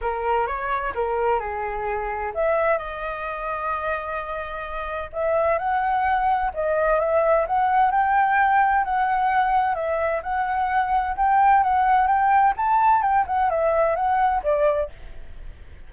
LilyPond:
\new Staff \with { instrumentName = "flute" } { \time 4/4 \tempo 4 = 129 ais'4 cis''4 ais'4 gis'4~ | gis'4 e''4 dis''2~ | dis''2. e''4 | fis''2 dis''4 e''4 |
fis''4 g''2 fis''4~ | fis''4 e''4 fis''2 | g''4 fis''4 g''4 a''4 | g''8 fis''8 e''4 fis''4 d''4 | }